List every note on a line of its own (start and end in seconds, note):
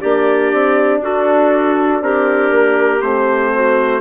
0.00 0.53 A#3
0.00 3.00 D4
0.00 1.00 G4
0.00 1.01 D5
0.53 0.99 C4
0.99 1.99 D4
0.99 2.01 F#4
0.99 2.03 A4
2.01 2.50 C4
2.01 3.52 G4
2.01 3.01 A#4
2.50 3.00 A#3
3.00 4.00 A3
3.00 4.00 C4
3.00 4.00 C5
3.53 4.00 F#4